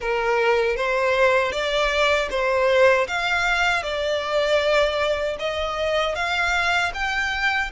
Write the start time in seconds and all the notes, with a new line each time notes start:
0.00 A#4
0.76 C5
1.51 D5
2.30 C5
3.07 F5
3.83 D5
5.39 D#5
6.15 F5
6.93 G5